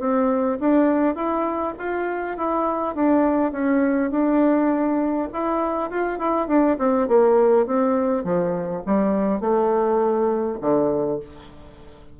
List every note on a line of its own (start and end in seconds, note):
0.00 0.59 C4
0.60 1.16 D4
1.16 1.74 E4
1.79 2.37 F4
2.37 2.95 E4
2.95 3.52 D4
3.52 4.11 C#4
4.11 5.29 D4
5.33 5.91 E4
5.91 6.19 F4
6.19 6.48 E4
6.48 6.77 D4
6.79 7.08 C4
7.08 7.67 A#3
7.67 8.24 C4
8.24 8.83 F3
8.86 9.41 G3
9.41 10.59 A3
10.61 11.20 D3